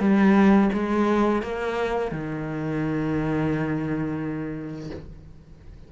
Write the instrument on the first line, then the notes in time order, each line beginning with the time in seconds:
cello
0.00 G3
0.73 G#3
1.42 A#3
2.11 D#3